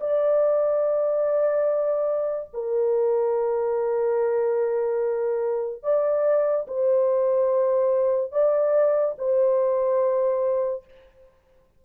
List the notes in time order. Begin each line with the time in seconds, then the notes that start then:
0.00 D5
2.53 A#4
5.83 D5
6.67 C5
8.31 D5
9.18 C5